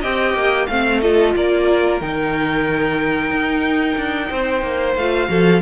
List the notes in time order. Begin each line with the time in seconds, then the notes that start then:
0.00 C4 G4 D#5 G5
0.34 A#3
0.67 A3 C4 F5
1.00 F4 A4 D#5
1.35 A#3 A#4 D5
2.00 D#3 D#4 G5
3.30 D#4
3.96 D4
4.30 C4 C5
4.62 A#3
4.95 A3 F4 F5
5.27 F3 F#4 A4